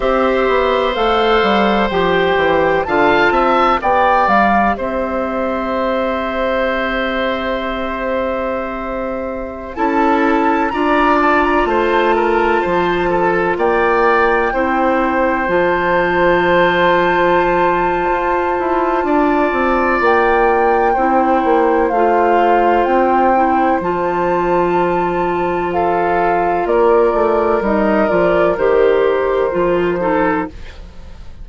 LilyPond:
<<
  \new Staff \with { instrumentName = "flute" } { \time 4/4 \tempo 4 = 63 e''4 f''4 g''4 a''4 | g''8 f''8 e''2.~ | e''2~ e''16 a''4 ais''8 a''16 | ais''16 a''2 g''4.~ g''16~ |
g''16 a''2.~ a''8.~ | a''4 g''2 f''4 | g''4 a''2 f''4 | d''4 dis''8 d''8 c''2 | }
  \new Staff \with { instrumentName = "oboe" } { \time 4/4 c''2. f''8 e''8 | d''4 c''2.~ | c''2~ c''16 a'4 d''8.~ | d''16 c''8 ais'8 c''8 a'8 d''4 c''8.~ |
c''1 | d''2 c''2~ | c''2. a'4 | ais'2.~ ais'8 a'8 | }
  \new Staff \with { instrumentName = "clarinet" } { \time 4/4 g'4 a'4 g'4 f'4 | g'1~ | g'2~ g'16 e'4 f'8.~ | f'2.~ f'16 e'8.~ |
e'16 f'2.~ f'8.~ | f'2 e'4 f'4~ | f'8 e'8 f'2.~ | f'4 dis'8 f'8 g'4 f'8 dis'8 | }
  \new Staff \with { instrumentName = "bassoon" } { \time 4/4 c'8 b8 a8 g8 f8 e8 d8 c'8 | b8 g8 c'2.~ | c'2~ c'16 cis'4 d'8.~ | d'16 a4 f4 ais4 c'8.~ |
c'16 f2~ f8. f'8 e'8 | d'8 c'8 ais4 c'8 ais8 a4 | c'4 f2. | ais8 a8 g8 f8 dis4 f4 | }
>>